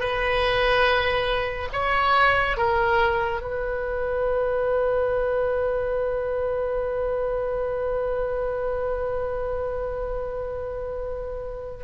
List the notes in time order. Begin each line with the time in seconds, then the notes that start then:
0.00 B4
1.73 C#5
2.57 A#4
3.41 B4